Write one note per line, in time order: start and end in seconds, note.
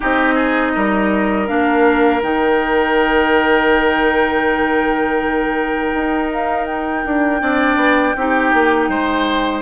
0.00 0.75 C4
0.00 1.47 D#4
0.00 0.34 G4
0.00 1.47 D#5
0.34 0.71 G#4
0.75 1.49 G3
0.75 7.41 A#4
1.47 2.22 A#3
1.47 2.21 D4
1.47 2.21 F5
2.22 5.92 D#3
2.22 7.40 D#4
2.22 6.30 G5
5.93 7.04 D#4
6.32 6.66 F5
6.66 9.62 G5
7.05 7.41 D4
7.40 7.76 C4
7.40 8.14 D4
7.40 8.15 D5
7.76 8.13 B3
8.15 8.52 C4
8.15 9.62 D#4
8.15 8.89 G4
8.53 8.88 A#3
8.88 9.62 G#3
8.88 9.62 C5